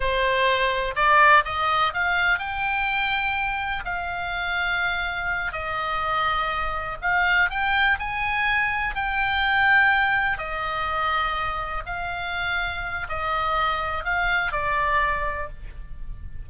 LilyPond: \new Staff \with { instrumentName = "oboe" } { \time 4/4 \tempo 4 = 124 c''2 d''4 dis''4 | f''4 g''2. | f''2.~ f''8 dis''8~ | dis''2~ dis''8 f''4 g''8~ |
g''8 gis''2 g''4.~ | g''4. dis''2~ dis''8~ | dis''8 f''2~ f''8 dis''4~ | dis''4 f''4 d''2 | }